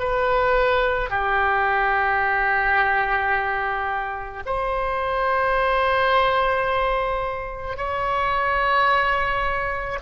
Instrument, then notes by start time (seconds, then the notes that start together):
oboe
0.00 B4
1.10 G4
4.46 C5
7.77 C#5